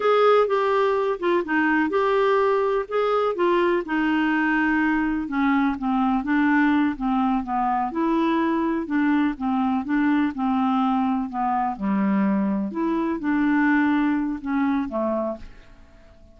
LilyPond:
\new Staff \with { instrumentName = "clarinet" } { \time 4/4 \tempo 4 = 125 gis'4 g'4. f'8 dis'4 | g'2 gis'4 f'4 | dis'2. cis'4 | c'4 d'4. c'4 b8~ |
b8 e'2 d'4 c'8~ | c'8 d'4 c'2 b8~ | b8 g2 e'4 d'8~ | d'2 cis'4 a4 | }